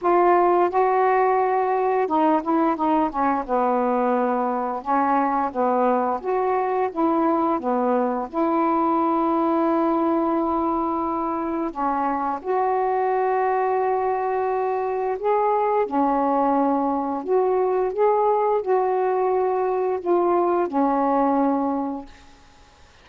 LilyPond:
\new Staff \with { instrumentName = "saxophone" } { \time 4/4 \tempo 4 = 87 f'4 fis'2 dis'8 e'8 | dis'8 cis'8 b2 cis'4 | b4 fis'4 e'4 b4 | e'1~ |
e'4 cis'4 fis'2~ | fis'2 gis'4 cis'4~ | cis'4 fis'4 gis'4 fis'4~ | fis'4 f'4 cis'2 | }